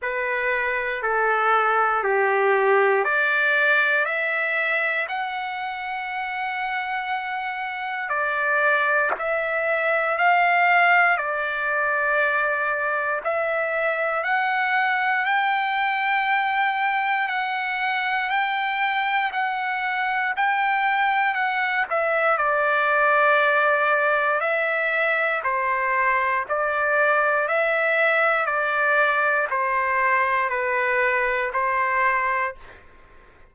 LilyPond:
\new Staff \with { instrumentName = "trumpet" } { \time 4/4 \tempo 4 = 59 b'4 a'4 g'4 d''4 | e''4 fis''2. | d''4 e''4 f''4 d''4~ | d''4 e''4 fis''4 g''4~ |
g''4 fis''4 g''4 fis''4 | g''4 fis''8 e''8 d''2 | e''4 c''4 d''4 e''4 | d''4 c''4 b'4 c''4 | }